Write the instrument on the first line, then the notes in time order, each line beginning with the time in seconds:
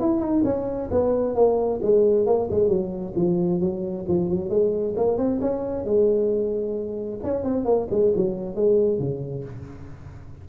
tuba
0.00 E4
0.20 D#4
0.44 C#4
0.91 B3
1.35 A#3
1.82 G#3
2.26 A#3
2.50 G#3
2.68 F#3
3.15 F3
3.60 F#3
4.08 F3
4.29 F#3
4.49 G#3
4.96 A#3
5.18 C4
5.41 C#4
5.84 G#3
7.23 C#4
7.44 C4
7.65 A#3
7.90 G#3
8.16 F#3
8.55 G#3
8.99 C#3